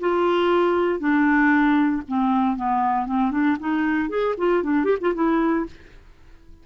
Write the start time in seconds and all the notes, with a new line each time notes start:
0.00 F4
0.99 D4
2.08 C4
2.56 B3
3.06 C4
3.31 D4
3.59 D#4
4.09 G#4
4.38 F4
4.63 D4
4.84 G4
5.00 F4
5.14 E4